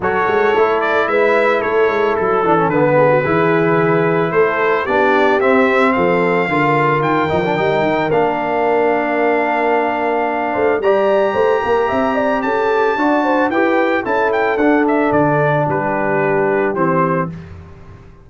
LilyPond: <<
  \new Staff \with { instrumentName = "trumpet" } { \time 4/4 \tempo 4 = 111 cis''4. d''8 e''4 cis''4 | a'4 b'2. | c''4 d''4 e''4 f''4~ | f''4 g''2 f''4~ |
f''1 | ais''2. a''4~ | a''4 g''4 a''8 g''8 fis''8 e''8 | d''4 b'2 c''4 | }
  \new Staff \with { instrumentName = "horn" } { \time 4/4 a'2 b'4 a'4~ | a'4. gis'16 fis'16 gis'2 | a'4 g'2 a'4 | ais'1~ |
ais'2.~ ais'8 c''8 | d''4 c''8 ais'8 e''8 d''8 a'4 | d''8 c''8 b'4 a'2~ | a'4 g'2. | }
  \new Staff \with { instrumentName = "trombone" } { \time 4/4 fis'4 e'2.~ | e'8 d'16 cis'16 b4 e'2~ | e'4 d'4 c'2 | f'4. dis'16 d'16 dis'4 d'4~ |
d'1 | g'1 | fis'4 g'4 e'4 d'4~ | d'2. c'4 | }
  \new Staff \with { instrumentName = "tuba" } { \time 4/4 fis8 gis8 a4 gis4 a8 gis8 | fis8 e8 d4 e2 | a4 b4 c'4 f4 | d4 dis8 f8 g8 dis8 ais4~ |
ais2.~ ais8 a8 | g4 a8 ais8 c'4 cis'4 | d'4 e'4 cis'4 d'4 | d4 g2 e4 | }
>>